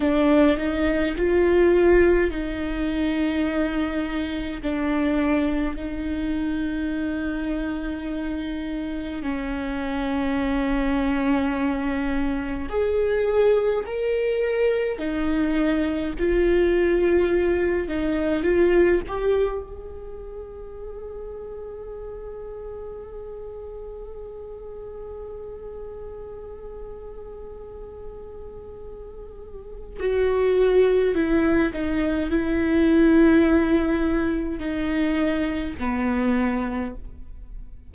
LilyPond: \new Staff \with { instrumentName = "viola" } { \time 4/4 \tempo 4 = 52 d'8 dis'8 f'4 dis'2 | d'4 dis'2. | cis'2. gis'4 | ais'4 dis'4 f'4. dis'8 |
f'8 g'8 gis'2.~ | gis'1~ | gis'2 fis'4 e'8 dis'8 | e'2 dis'4 b4 | }